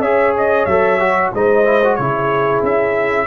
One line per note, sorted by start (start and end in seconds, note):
0.00 0.65 C#4
0.00 0.69 G#4
0.00 1.32 C#5
0.00 0.34 E5
0.37 0.65 D#5
0.65 1.31 F#3
0.65 1.00 A4
0.65 1.30 E5
1.00 1.32 F#4
1.33 1.99 G#3
1.33 1.65 D#4
1.33 1.98 C5
1.33 1.95 D#5
1.65 1.81 E4
1.84 2.00 F#4
1.95 2.62 C#3
1.95 3.27 E4
1.95 3.27 G#4
1.95 2.61 C#5
2.62 3.27 C#4
2.62 3.27 E5